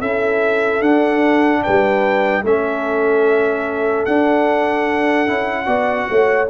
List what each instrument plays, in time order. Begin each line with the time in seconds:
0.00 tuba C#4, trombone E4, horn A4, trumpet E5
0.81 tuba D4, trombone D4, trumpet F#5
1.63 tuba G3, horn B4, trumpet G5
2.43 tuba A3, trombone C#4, horn A4, trumpet E5
4.05 tuba D4, trombone D4, trumpet F#5
5.27 tuba C#4, trombone E4
5.66 tuba B3, trombone F#4, horn D5
6.10 tuba A3, horn C#5